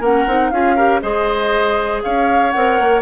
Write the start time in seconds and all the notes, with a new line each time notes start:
0.00 A#3 C#4 A#4 F#5
0.26 C4 D#4
0.50 C#4 F4 G#4 F5
0.75 G4 A#4
1.01 G#3 G#4 C5 D#5
2.03 C#4 C#5 F5
2.51 C4 A#4 F#5
2.80 A#3